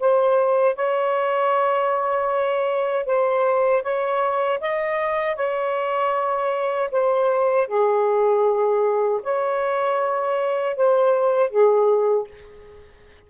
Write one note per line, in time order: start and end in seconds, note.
0.00 0.76 C5
0.76 3.06 C#5
3.06 3.83 C5
3.83 4.60 C#5
4.60 5.36 D#5
5.36 6.90 C#5
6.92 7.67 C5
7.67 9.21 G#4
9.23 10.76 C#5
10.76 11.50 C5
11.50 12.27 G#4